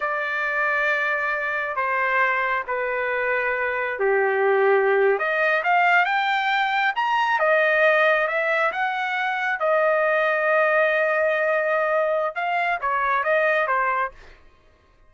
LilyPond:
\new Staff \with { instrumentName = "trumpet" } { \time 4/4 \tempo 4 = 136 d''1 | c''2 b'2~ | b'4 g'2~ g'8. dis''16~ | dis''8. f''4 g''2 ais''16~ |
ais''8. dis''2 e''4 fis''16~ | fis''4.~ fis''16 dis''2~ dis''16~ | dis''1 | f''4 cis''4 dis''4 c''4 | }